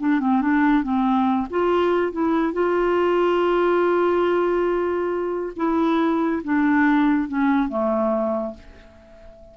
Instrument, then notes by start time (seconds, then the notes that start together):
clarinet
0.00 D4
0.20 C4
0.41 D4
0.83 C4
1.51 F4
2.12 E4
2.53 F4
5.57 E4
6.44 D4
7.28 C#4
7.69 A3